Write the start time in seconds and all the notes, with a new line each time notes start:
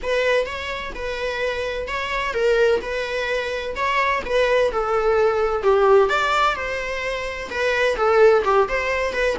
0.02 B4
0.46 C#5
0.94 B4
1.87 C#5
2.33 A#4
2.81 B4
3.75 C#5
4.25 B4
4.71 A4
5.62 G4
6.09 D5
6.55 C5
7.50 B4
7.96 A4
8.44 G4
8.68 C5
9.13 B4